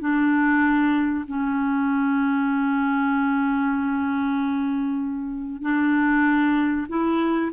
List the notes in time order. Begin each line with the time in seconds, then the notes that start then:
0.00 D4
1.28 C#4
5.62 D4
6.89 E4